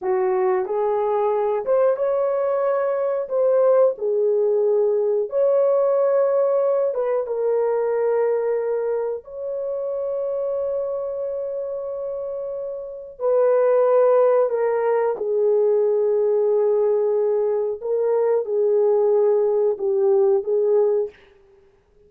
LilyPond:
\new Staff \with { instrumentName = "horn" } { \time 4/4 \tempo 4 = 91 fis'4 gis'4. c''8 cis''4~ | cis''4 c''4 gis'2 | cis''2~ cis''8 b'8 ais'4~ | ais'2 cis''2~ |
cis''1 | b'2 ais'4 gis'4~ | gis'2. ais'4 | gis'2 g'4 gis'4 | }